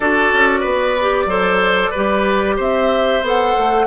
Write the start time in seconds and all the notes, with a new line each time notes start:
0.00 D4 F#4 A4 D5
0.33 C#4
0.60 B3 B4
1.01 G4
1.25 F#3 A4 C5
1.90 G3 G4 B4
2.56 C4 C5 E5
3.21 B3 A4 F#5
3.56 A3